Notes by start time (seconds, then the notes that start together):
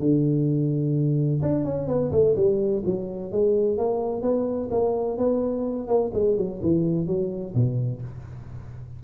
0.00 D3
1.42 D4
1.65 C#4
1.88 B3
2.12 A3
2.36 G3
2.86 F#3
3.32 G#3
3.78 A#3
4.22 B3
4.71 A#3
5.18 B3
5.88 A#3
6.14 G#3
6.37 F#3
6.63 E3
7.07 F#3
7.55 B2